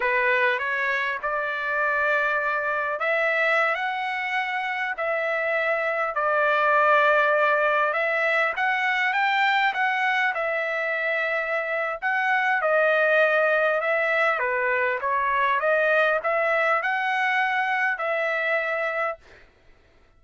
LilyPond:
\new Staff \with { instrumentName = "trumpet" } { \time 4/4 \tempo 4 = 100 b'4 cis''4 d''2~ | d''4 e''4~ e''16 fis''4.~ fis''16~ | fis''16 e''2 d''4.~ d''16~ | d''4~ d''16 e''4 fis''4 g''8.~ |
g''16 fis''4 e''2~ e''8. | fis''4 dis''2 e''4 | b'4 cis''4 dis''4 e''4 | fis''2 e''2 | }